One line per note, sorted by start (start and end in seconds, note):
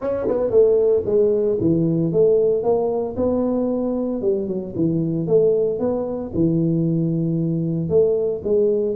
0.01 0.27 C#4
0.27 0.50 B3
0.50 1.03 A3
1.05 1.58 G#3
1.60 2.12 E3
2.12 2.63 A3
2.63 3.15 A#3
3.16 4.21 B3
4.21 4.47 G3
4.47 4.73 F#3
4.75 5.27 E3
5.27 5.79 A3
5.79 6.31 B3
6.34 7.89 E3
7.89 8.41 A3
8.44 8.95 G#3